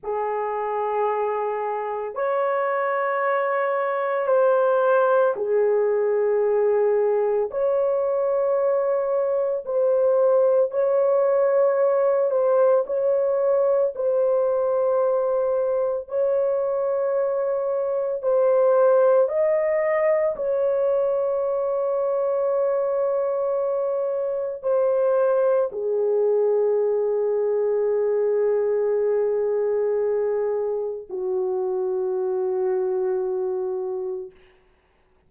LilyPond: \new Staff \with { instrumentName = "horn" } { \time 4/4 \tempo 4 = 56 gis'2 cis''2 | c''4 gis'2 cis''4~ | cis''4 c''4 cis''4. c''8 | cis''4 c''2 cis''4~ |
cis''4 c''4 dis''4 cis''4~ | cis''2. c''4 | gis'1~ | gis'4 fis'2. | }